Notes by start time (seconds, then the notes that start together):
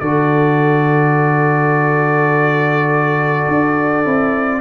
0.00 D3 F#4 A4 D5
3.48 D4
4.05 C4 E4